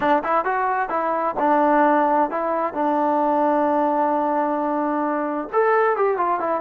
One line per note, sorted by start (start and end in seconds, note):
0.00 0.22 D4
0.24 0.44 E4
0.44 0.89 F#4
0.89 1.35 E4
1.39 2.30 D4
2.30 2.73 E4
2.73 5.48 D4
5.52 5.96 A4
5.96 6.17 G4
6.17 6.40 F4
6.40 6.61 E4